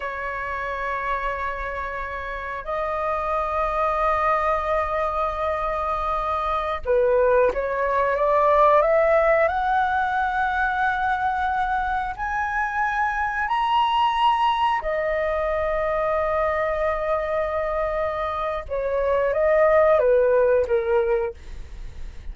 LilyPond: \new Staff \with { instrumentName = "flute" } { \time 4/4 \tempo 4 = 90 cis''1 | dis''1~ | dis''2~ dis''16 b'4 cis''8.~ | cis''16 d''4 e''4 fis''4.~ fis''16~ |
fis''2~ fis''16 gis''4.~ gis''16~ | gis''16 ais''2 dis''4.~ dis''16~ | dis''1 | cis''4 dis''4 b'4 ais'4 | }